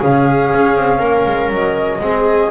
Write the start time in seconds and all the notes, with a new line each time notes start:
0.00 C#3 C#4 G#4 F5
0.54 C#4
0.77 C4
0.99 A#3 A#4
1.26 G#3
1.49 F#3 D#5
2.00 G#3 C4 G#4